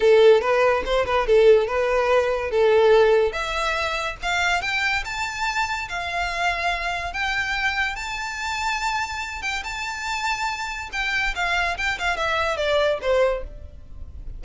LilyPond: \new Staff \with { instrumentName = "violin" } { \time 4/4 \tempo 4 = 143 a'4 b'4 c''8 b'8 a'4 | b'2 a'2 | e''2 f''4 g''4 | a''2 f''2~ |
f''4 g''2 a''4~ | a''2~ a''8 g''8 a''4~ | a''2 g''4 f''4 | g''8 f''8 e''4 d''4 c''4 | }